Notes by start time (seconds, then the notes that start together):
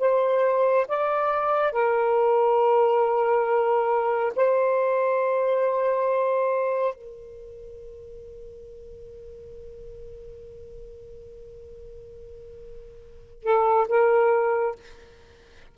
0.00 C5
0.88 D5
1.72 A#4
4.36 C5
6.95 A#4
13.43 A4
13.89 A#4